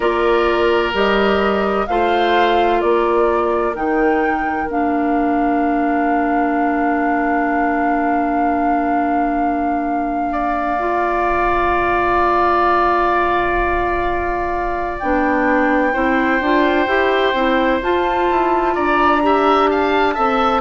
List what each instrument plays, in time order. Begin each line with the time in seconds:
0.00 bassoon A#3, clarinet F4, oboe A#4, flute D5
0.93 bassoon G3, clarinet G4, flute D#5
1.87 bassoon A3, clarinet F4, oboe C5, flute F5
2.79 bassoon A#3, oboe A#4, flute D5
3.74 bassoon D#3, clarinet D#4, flute G5
4.68 bassoon A#3, clarinet D4, flute F5
10.32 oboe D5
10.79 clarinet F4
14.98 bassoon B3, clarinet D4, flute G5
15.92 bassoon C4, clarinet E4, oboe C5
16.40 bassoon D4, clarinet F4
16.87 bassoon E4, clarinet G4
17.33 bassoon C4, clarinet E4
17.82 bassoon F4, clarinet F4, flute A5
18.30 bassoon E4
18.74 bassoon D4, oboe D5, flute A#5
19.22 clarinet G4, oboe E5
19.68 oboe F5, flute A5
20.14 bassoon C4, clarinet A4, oboe E5